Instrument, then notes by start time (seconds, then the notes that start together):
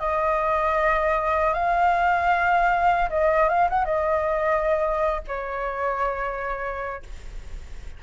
flute
0.00 D#5
1.54 F5
3.10 D#5
3.49 F5
3.70 F#5
3.85 D#5
5.28 C#5